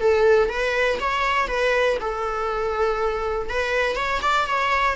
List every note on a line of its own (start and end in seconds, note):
0.00 0.49 A4
0.49 0.98 B4
1.00 1.48 C#5
1.48 1.97 B4
2.00 3.49 A4
3.49 3.96 B4
3.96 4.20 C#5
4.22 4.47 D5
4.47 4.96 C#5